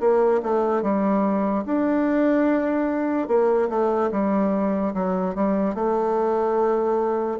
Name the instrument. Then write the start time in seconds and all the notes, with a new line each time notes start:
bassoon
0.00 A#3
0.43 A3
0.83 G3
1.66 D4
3.28 A#3
3.69 A3
4.12 G3
4.94 F#3
5.35 G3
5.75 A3